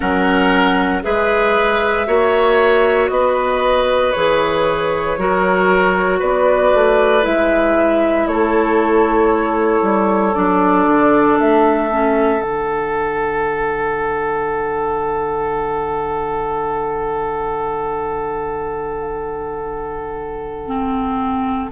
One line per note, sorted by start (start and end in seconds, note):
0.00 1.04 F#3
0.00 1.02 C#4
0.00 1.03 A#4
0.00 1.02 F#5
1.02 2.07 G#3
1.02 2.06 G#4
1.02 2.07 B4
1.02 3.09 E5
2.06 3.09 A#3
2.06 4.13 F#4
2.06 3.10 C#5
3.09 4.12 B3
3.09 5.19 B4
3.09 4.11 D#5
4.11 5.17 E3
4.11 5.17 G#4
4.11 6.18 C#5
5.17 6.21 F#3
5.17 7.22 F#4
5.17 6.19 A#4
6.19 6.73 B3
6.19 8.26 B4
6.19 7.24 D5
6.73 7.25 A3
7.22 8.26 G#3
7.22 10.32 E4
7.22 8.27 E5
8.26 9.81 A3
8.26 21.71 A4
8.26 10.34 C#5
9.82 10.33 G3
10.34 10.87 F#3
10.34 11.90 D4
10.34 11.37 D5
10.87 11.38 D3
11.39 12.40 A3
11.39 12.41 E5
11.91 12.39 C#4
12.39 21.71 D3
12.39 20.66 D4
12.39 21.71 F#5
20.66 21.70 C4